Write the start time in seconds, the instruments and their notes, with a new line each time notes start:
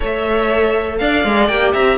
0.00 cello A3, viola A4, violin C#5 E5
0.98 cello D4, violin D5 F5
1.24 cello G#3
1.47 cello A#3, viola G4, violin G5
1.73 cello C4, violin E5 A#5